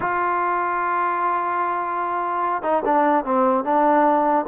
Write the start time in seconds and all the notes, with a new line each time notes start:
0.00 F4
2.62 D#4
2.85 D4
3.24 C4
3.64 D4